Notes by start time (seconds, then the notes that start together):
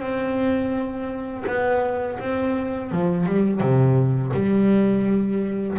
0.00 C4
1.47 B3
2.20 C4
2.92 F3
3.26 G3
3.60 C3
4.33 G3